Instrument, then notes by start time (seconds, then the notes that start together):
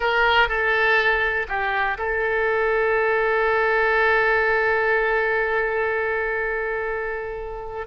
oboe
0.00 A#4
0.48 A4
1.48 G4
1.98 A4